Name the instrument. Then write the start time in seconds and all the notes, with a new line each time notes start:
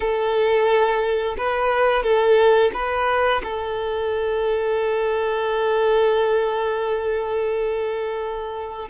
violin
0.00 A4
1.37 B4
2.03 A4
2.73 B4
3.43 A4